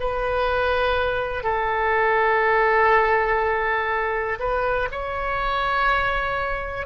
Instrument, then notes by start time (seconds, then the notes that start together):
oboe
0.00 B4
1.44 A4
4.39 B4
4.91 C#5